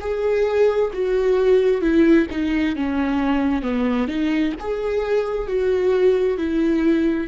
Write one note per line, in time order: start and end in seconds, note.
0.00 0.91 G#4
0.93 1.81 F#4
1.81 2.27 E4
2.31 2.76 D#4
2.76 3.62 C#4
3.62 4.08 B3
4.08 4.53 D#4
4.60 5.47 G#4
5.47 6.38 F#4
6.38 7.28 E4